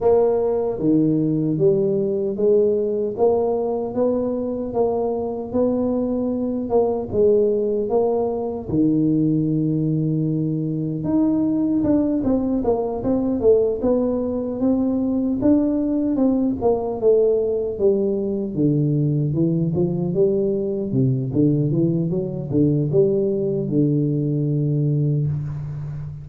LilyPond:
\new Staff \with { instrumentName = "tuba" } { \time 4/4 \tempo 4 = 76 ais4 dis4 g4 gis4 | ais4 b4 ais4 b4~ | b8 ais8 gis4 ais4 dis4~ | dis2 dis'4 d'8 c'8 |
ais8 c'8 a8 b4 c'4 d'8~ | d'8 c'8 ais8 a4 g4 d8~ | d8 e8 f8 g4 c8 d8 e8 | fis8 d8 g4 d2 | }